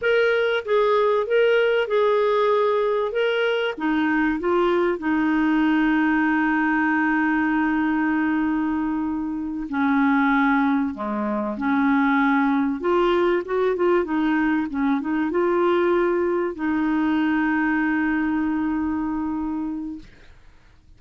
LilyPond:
\new Staff \with { instrumentName = "clarinet" } { \time 4/4 \tempo 4 = 96 ais'4 gis'4 ais'4 gis'4~ | gis'4 ais'4 dis'4 f'4 | dis'1~ | dis'2.~ dis'8 cis'8~ |
cis'4. gis4 cis'4.~ | cis'8 f'4 fis'8 f'8 dis'4 cis'8 | dis'8 f'2 dis'4.~ | dis'1 | }